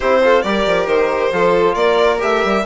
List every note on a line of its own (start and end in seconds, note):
0.00 0.43 C4
0.00 0.22 E4
0.00 0.20 G4
0.00 0.41 C5
0.22 0.44 F4
0.22 0.43 A4
0.41 0.65 G3
0.41 1.32 G4
0.41 1.31 A#4
0.41 0.86 D5
0.66 0.86 F3
0.86 1.30 D#3
0.86 1.74 C5
1.32 1.75 F3
1.32 2.18 F4
1.32 1.74 A4
1.74 2.19 A#3
1.74 2.63 A#4
1.74 2.18 D5
2.18 2.44 A3
2.18 2.62 G4
2.18 2.65 E5
2.44 2.65 G3